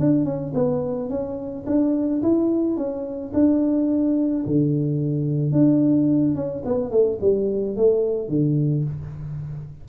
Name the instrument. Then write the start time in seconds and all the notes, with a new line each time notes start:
tuba
0.00 D4
0.25 C#4
0.55 B3
1.10 C#4
1.67 D4
2.23 E4
2.77 C#4
3.34 D4
4.47 D3
5.53 D4
6.36 C#4
6.66 B3
6.91 A3
7.21 G3
7.77 A3
8.29 D3